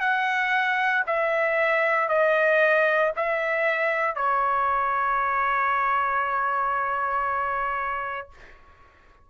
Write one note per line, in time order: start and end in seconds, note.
0.00 1.03 F#5
1.06 2.08 E5
2.08 3.12 D#5
3.16 4.15 E5
4.15 8.29 C#5